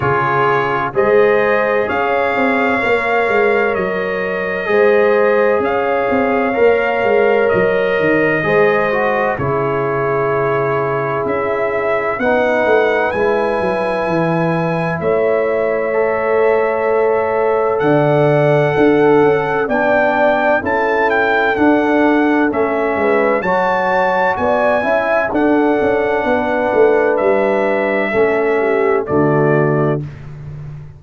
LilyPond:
<<
  \new Staff \with { instrumentName = "trumpet" } { \time 4/4 \tempo 4 = 64 cis''4 dis''4 f''2 | dis''2 f''2 | dis''2 cis''2 | e''4 fis''4 gis''2 |
e''2. fis''4~ | fis''4 g''4 a''8 g''8 fis''4 | e''4 a''4 gis''4 fis''4~ | fis''4 e''2 d''4 | }
  \new Staff \with { instrumentName = "horn" } { \time 4/4 gis'4 c''4 cis''2~ | cis''4 c''4 cis''2~ | cis''4 c''4 gis'2~ | gis'4 b'2. |
cis''2. d''4 | a'4 d''4 a'2~ | a'8 b'8 cis''4 d''8 e''8 a'4 | b'2 a'8 g'8 fis'4 | }
  \new Staff \with { instrumentName = "trombone" } { \time 4/4 f'4 gis'2 ais'4~ | ais'4 gis'2 ais'4~ | ais'4 gis'8 fis'8 e'2~ | e'4 dis'4 e'2~ |
e'4 a'2.~ | a'4 d'4 e'4 d'4 | cis'4 fis'4. e'8 d'4~ | d'2 cis'4 a4 | }
  \new Staff \with { instrumentName = "tuba" } { \time 4/4 cis4 gis4 cis'8 c'8 ais8 gis8 | fis4 gis4 cis'8 c'8 ais8 gis8 | fis8 dis8 gis4 cis2 | cis'4 b8 a8 gis8 fis8 e4 |
a2. d4 | d'8 cis'8 b4 cis'4 d'4 | a8 gis8 fis4 b8 cis'8 d'8 cis'8 | b8 a8 g4 a4 d4 | }
>>